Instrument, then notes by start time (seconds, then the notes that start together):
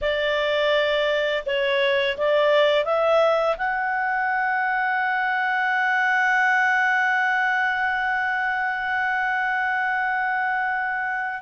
clarinet
0.01 D5
1.45 C#5
2.17 D5
2.84 E5
3.57 F#5